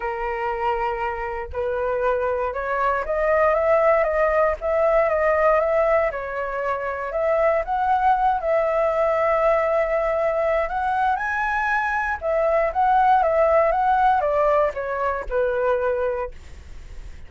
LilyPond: \new Staff \with { instrumentName = "flute" } { \time 4/4 \tempo 4 = 118 ais'2. b'4~ | b'4 cis''4 dis''4 e''4 | dis''4 e''4 dis''4 e''4 | cis''2 e''4 fis''4~ |
fis''8 e''2.~ e''8~ | e''4 fis''4 gis''2 | e''4 fis''4 e''4 fis''4 | d''4 cis''4 b'2 | }